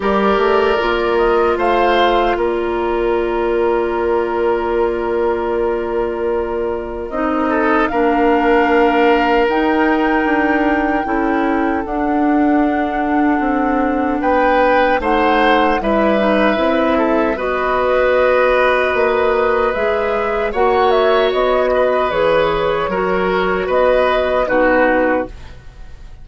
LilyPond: <<
  \new Staff \with { instrumentName = "flute" } { \time 4/4 \tempo 4 = 76 d''4. dis''8 f''4 d''4~ | d''1~ | d''4 dis''4 f''2 | g''2. fis''4~ |
fis''2 g''4 fis''4 | e''2 dis''2~ | dis''4 e''4 fis''8 e''8 dis''4 | cis''2 dis''4 b'4 | }
  \new Staff \with { instrumentName = "oboe" } { \time 4/4 ais'2 c''4 ais'4~ | ais'1~ | ais'4. a'8 ais'2~ | ais'2 a'2~ |
a'2 b'4 c''4 | b'4. a'8 b'2~ | b'2 cis''4. b'8~ | b'4 ais'4 b'4 fis'4 | }
  \new Staff \with { instrumentName = "clarinet" } { \time 4/4 g'4 f'2.~ | f'1~ | f'4 dis'4 d'2 | dis'2 e'4 d'4~ |
d'2. dis'4 | e'8 dis'8 e'4 fis'2~ | fis'4 gis'4 fis'2 | gis'4 fis'2 dis'4 | }
  \new Staff \with { instrumentName = "bassoon" } { \time 4/4 g8 a8 ais4 a4 ais4~ | ais1~ | ais4 c'4 ais2 | dis'4 d'4 cis'4 d'4~ |
d'4 c'4 b4 a4 | g4 c'4 b2 | ais4 gis4 ais4 b4 | e4 fis4 b4 b,4 | }
>>